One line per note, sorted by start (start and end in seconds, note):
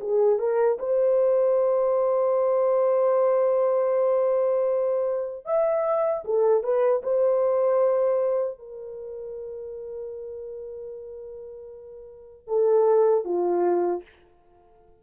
0.00 0.39 G#4
0.39 0.78 A#4
0.79 5.45 C5
5.45 6.23 E5
6.24 6.63 A4
6.63 7.02 B4
7.03 8.58 C5
8.58 12.47 A#4
12.47 13.24 A4
13.24 14.02 F4